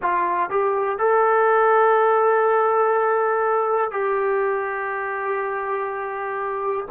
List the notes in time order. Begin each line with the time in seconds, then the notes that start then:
0.02 F4
0.50 G4
0.98 A4
3.91 G4